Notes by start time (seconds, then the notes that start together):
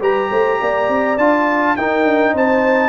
0.00 G3 G4 B4 A#5
0.31 A3 C5
0.60 A#3 D5
0.88 C4
1.18 D4 F4 A5
1.76 D#4 A#4 G5
2.04 D4
2.32 C4 C5 A5